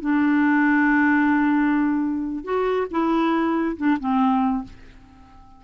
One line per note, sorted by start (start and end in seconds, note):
0.00 2.44 D4
2.44 2.87 F#4
2.91 3.76 E4
3.77 3.98 D4
4.00 4.64 C4